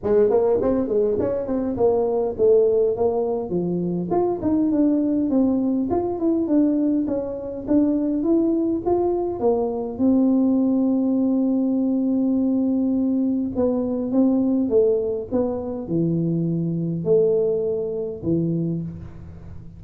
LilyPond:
\new Staff \with { instrumentName = "tuba" } { \time 4/4 \tempo 4 = 102 gis8 ais8 c'8 gis8 cis'8 c'8 ais4 | a4 ais4 f4 f'8 dis'8 | d'4 c'4 f'8 e'8 d'4 | cis'4 d'4 e'4 f'4 |
ais4 c'2.~ | c'2. b4 | c'4 a4 b4 e4~ | e4 a2 e4 | }